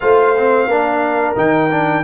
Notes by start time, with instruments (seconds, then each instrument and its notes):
0.00 tuba A3, trombone F4, horn C5, trumpet F5
0.37 trombone C4
0.66 tuba A#3, trombone D4, horn A#4
1.36 tuba D#3, trombone D#4, trumpet G5
1.71 trombone D4